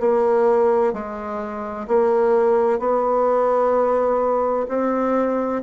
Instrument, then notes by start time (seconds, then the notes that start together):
bassoon
0.00 A#3
0.93 G#3
1.87 A#3
2.80 B3
4.69 C4